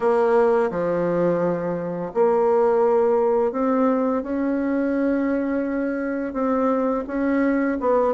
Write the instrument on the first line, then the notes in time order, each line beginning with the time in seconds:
bassoon
0.00 A#3
0.70 F3
2.14 A#3
3.52 C4
4.22 C#4
6.33 C4
7.07 C#4
7.80 B3